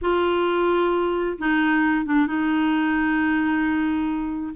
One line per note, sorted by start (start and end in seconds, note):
0.01 1.38 F4
1.38 2.05 D#4
2.05 2.26 D4
2.26 4.54 D#4